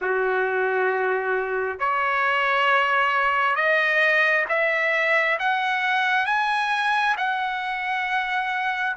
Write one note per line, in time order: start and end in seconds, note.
0.01 1.79 F#4
1.79 3.55 C#5
3.55 4.45 D#5
4.49 5.38 E5
5.39 6.26 F#5
6.26 7.15 G#5
7.17 8.96 F#5